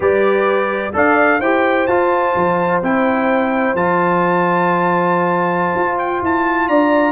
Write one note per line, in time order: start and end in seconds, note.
0.00 0.93 G3
0.00 0.92 G4
0.00 0.94 B4
0.00 0.95 D5
0.93 1.40 D4
0.93 1.40 A4
0.93 1.40 D5
0.93 1.40 F5
1.40 1.87 E4
1.40 1.89 G4
1.40 6.67 C5
1.40 1.86 G5
1.86 2.34 F4
1.86 2.82 F4
1.86 2.80 A5
2.35 2.82 F3
2.82 3.74 C4
2.82 3.76 E4
2.82 3.75 G5
3.74 5.73 F3
3.74 7.12 F4
3.74 5.98 A5
5.74 6.21 F4
5.98 6.21 G5
6.22 6.68 E4
6.22 6.68 A5
6.68 7.12 D4
6.68 7.12 D5
6.68 7.12 A#5